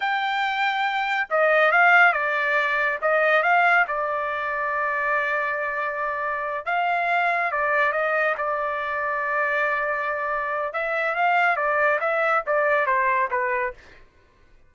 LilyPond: \new Staff \with { instrumentName = "trumpet" } { \time 4/4 \tempo 4 = 140 g''2. dis''4 | f''4 d''2 dis''4 | f''4 d''2.~ | d''2.~ d''8 f''8~ |
f''4. d''4 dis''4 d''8~ | d''1~ | d''4 e''4 f''4 d''4 | e''4 d''4 c''4 b'4 | }